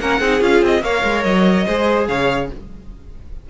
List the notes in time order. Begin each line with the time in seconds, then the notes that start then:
0.00 A#3 C#4 A#4 F#5
0.20 C4 D#4 G#4
0.41 C#4 F4 F5
0.62 C4 D#5
0.82 A#3 A#4 C#5 F5
1.04 G#3
1.24 F#3 D#5
1.66 G#3 G#4 C5
2.08 C#3 C#5 F5